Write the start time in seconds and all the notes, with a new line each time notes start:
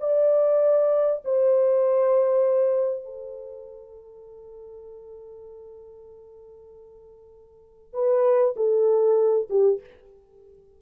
0.00 D5
1.24 C5
3.04 A4
7.93 B4
8.56 A4
9.49 G4